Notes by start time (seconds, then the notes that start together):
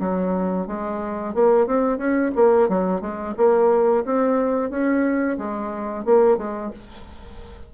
0.00 F#3
0.67 G#3
1.35 A#3
1.67 C4
1.98 C#4
2.36 A#3
2.69 F#3
3.01 G#3
3.37 A#3
4.05 C4
4.70 C#4
5.38 G#3
6.05 A#3
6.37 G#3